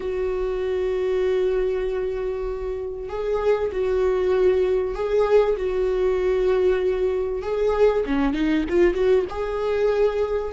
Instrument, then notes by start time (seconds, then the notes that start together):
viola
0.00 F#4
3.09 G#4
3.71 F#4
4.94 G#4
5.56 F#4
7.42 G#4
8.06 C#4
8.33 D#4
8.69 F4
8.94 F#4
9.30 G#4